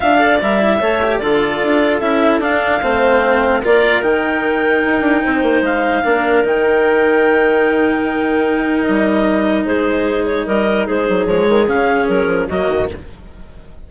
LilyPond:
<<
  \new Staff \with { instrumentName = "clarinet" } { \time 4/4 \tempo 4 = 149 f''4 e''2 d''4~ | d''4 e''4 f''2~ | f''4 d''4 g''2~ | g''2 f''2 |
g''1~ | g''2 dis''2 | c''4. cis''8 dis''4 c''4 | cis''4 f''4 ais'4 dis''4 | }
  \new Staff \with { instrumentName = "clarinet" } { \time 4/4 e''8 d''4. cis''4 a'4~ | a'2. c''4~ | c''4 ais'2.~ | ais'4 c''2 ais'4~ |
ais'1~ | ais'1 | gis'2 ais'4 gis'4~ | gis'2. fis'4 | }
  \new Staff \with { instrumentName = "cello" } { \time 4/4 f'8 a'8 ais'8 e'8 a'8 g'8 f'4~ | f'4 e'4 d'4 c'4~ | c'4 f'4 dis'2~ | dis'2. d'4 |
dis'1~ | dis'1~ | dis'1 | gis4 cis'2 ais4 | }
  \new Staff \with { instrumentName = "bassoon" } { \time 4/4 d'4 g4 a4 d4 | d'4 cis'4 d'4 a4~ | a4 ais4 dis2 | dis'8 d'8 c'8 ais8 gis4 ais4 |
dis1~ | dis2 g2 | gis2 g4 gis8 fis8 | f8 dis8 cis4 fis8 f8 fis8 dis8 | }
>>